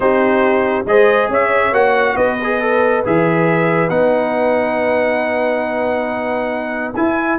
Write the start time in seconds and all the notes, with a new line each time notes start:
0.00 C4 D#4 G4 C5
0.85 G#3 G#4 C5 D#5
1.29 C#4 C#5 E5
1.72 A#3 F#4 F#5
2.15 B3 B4 D#5
2.43 G#4
2.60 A4
3.04 E3 G#4 E5
3.89 B3 D#4 F#5
6.95 E4 G#5